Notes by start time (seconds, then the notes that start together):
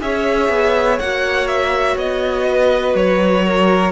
0.00 C#4 G#4 C#5 E5
0.49 B3
0.99 A#3 F#4 F#5
1.48 E5
1.96 B3 D#5
2.49 B4
2.95 F#3 C#5
3.46 A#4